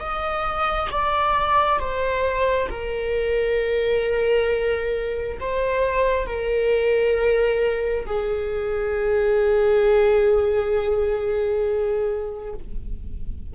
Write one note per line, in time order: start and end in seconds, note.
0.00 0.90 D#5
0.90 1.79 D5
1.79 2.69 C5
2.69 5.38 A#4
5.40 6.26 C5
6.26 8.05 A#4
8.06 12.53 G#4